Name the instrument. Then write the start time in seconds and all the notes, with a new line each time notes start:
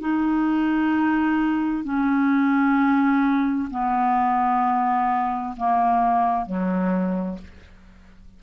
clarinet
0.00 D#4
1.84 C#4
3.70 B3
5.57 A#3
6.46 F#3